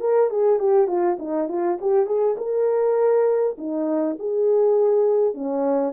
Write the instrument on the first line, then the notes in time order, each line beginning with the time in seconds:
horn
0.00 A#4
0.30 G#4
0.59 G4
0.87 F4
1.19 D#4
1.49 F4
1.81 G4
2.06 G#4
2.37 A#4
3.58 D#4
4.19 G#4
5.34 C#4